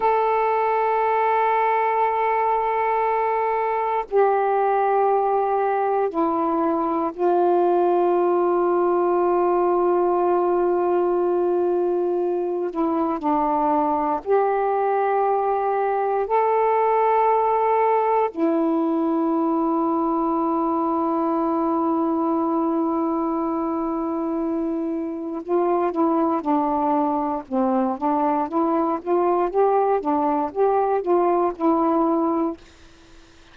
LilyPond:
\new Staff \with { instrumentName = "saxophone" } { \time 4/4 \tempo 4 = 59 a'1 | g'2 e'4 f'4~ | f'1~ | f'8 e'8 d'4 g'2 |
a'2 e'2~ | e'1~ | e'4 f'8 e'8 d'4 c'8 d'8 | e'8 f'8 g'8 d'8 g'8 f'8 e'4 | }